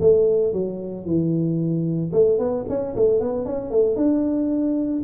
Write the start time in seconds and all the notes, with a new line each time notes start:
0.00 A3
0.52 F#3
1.05 E3
2.13 A3
2.38 B3
2.69 C#4
2.95 A3
3.20 B3
3.45 C#4
3.70 A3
3.96 D4